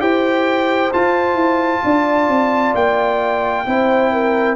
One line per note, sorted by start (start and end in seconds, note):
0.00 0.91 E4
0.00 0.91 G4
0.00 1.84 C5
0.00 0.91 G5
0.93 3.65 F4
0.93 1.34 F4
0.93 2.75 A5
1.34 1.79 E4
1.84 2.28 D4
1.84 3.66 D5
2.28 2.73 C4
2.74 3.65 A#3
2.74 4.56 G5
3.66 4.56 C4
3.66 4.56 E4
3.66 4.11 C5
4.11 4.56 A#4